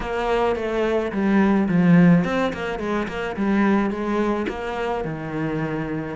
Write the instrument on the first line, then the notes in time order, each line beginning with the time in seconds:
cello
0.00 A#3
0.55 A3
1.12 G3
1.68 F3
2.24 C4
2.53 A#3
2.79 G#3
3.07 A#3
3.36 G3
3.90 G#3
4.48 A#3
5.04 D#3